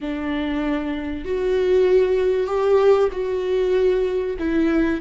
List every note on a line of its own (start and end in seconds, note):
0.01 1.24 D4
1.24 2.46 F#4
2.46 3.09 G4
3.11 4.36 F#4
4.38 5.01 E4